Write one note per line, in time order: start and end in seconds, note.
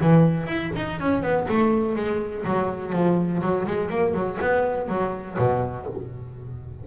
0.00 0.47 E3
0.47 0.71 E4
0.76 1.00 D#4
1.00 1.22 C#4
1.22 1.46 B3
1.48 1.95 A3
1.95 2.44 G#3
2.45 2.92 F#3
2.92 3.41 F3
3.41 3.66 F#3
3.67 3.89 G#3
3.89 4.14 A#3
4.14 4.38 F#3
4.41 4.88 B3
4.88 5.37 F#3
5.38 5.86 B2